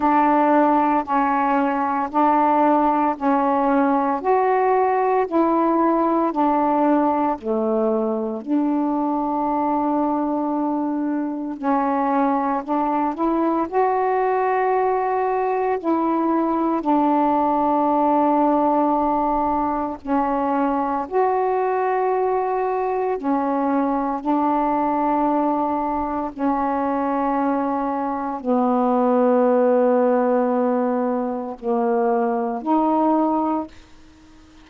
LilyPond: \new Staff \with { instrumentName = "saxophone" } { \time 4/4 \tempo 4 = 57 d'4 cis'4 d'4 cis'4 | fis'4 e'4 d'4 a4 | d'2. cis'4 | d'8 e'8 fis'2 e'4 |
d'2. cis'4 | fis'2 cis'4 d'4~ | d'4 cis'2 b4~ | b2 ais4 dis'4 | }